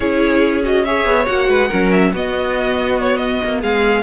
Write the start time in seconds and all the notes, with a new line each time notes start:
0.00 C#4 E4 G#4 C#5
0.63 F#4 D#5
0.84 G#4 C#5 E5
1.05 B3
1.26 A#3 F#4 F#5
1.49 G#3 B4
1.67 F#3 C#4 A#4
1.91 E5
2.12 B3 F#4 D#5
3.00 C#5
3.17 D#5
3.43 A#3
3.60 G#3 G#4 F5